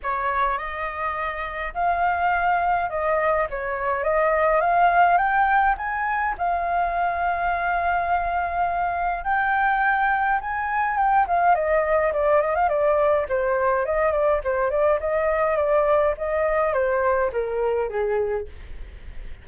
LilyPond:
\new Staff \with { instrumentName = "flute" } { \time 4/4 \tempo 4 = 104 cis''4 dis''2 f''4~ | f''4 dis''4 cis''4 dis''4 | f''4 g''4 gis''4 f''4~ | f''1 |
g''2 gis''4 g''8 f''8 | dis''4 d''8 dis''16 f''16 d''4 c''4 | dis''8 d''8 c''8 d''8 dis''4 d''4 | dis''4 c''4 ais'4 gis'4 | }